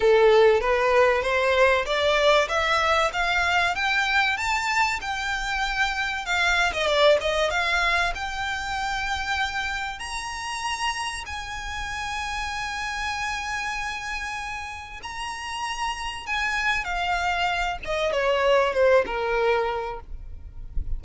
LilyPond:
\new Staff \with { instrumentName = "violin" } { \time 4/4 \tempo 4 = 96 a'4 b'4 c''4 d''4 | e''4 f''4 g''4 a''4 | g''2 f''8. dis''16 d''8 dis''8 | f''4 g''2. |
ais''2 gis''2~ | gis''1 | ais''2 gis''4 f''4~ | f''8 dis''8 cis''4 c''8 ais'4. | }